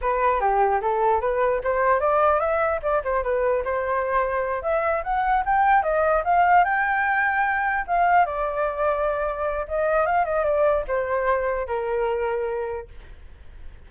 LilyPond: \new Staff \with { instrumentName = "flute" } { \time 4/4 \tempo 4 = 149 b'4 g'4 a'4 b'4 | c''4 d''4 e''4 d''8 c''8 | b'4 c''2~ c''8 e''8~ | e''8 fis''4 g''4 dis''4 f''8~ |
f''8 g''2. f''8~ | f''8 d''2.~ d''8 | dis''4 f''8 dis''8 d''4 c''4~ | c''4 ais'2. | }